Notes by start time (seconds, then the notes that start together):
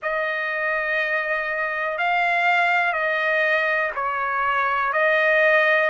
0.02 D#5
1.98 F5
2.92 D#5
3.95 C#5
4.92 D#5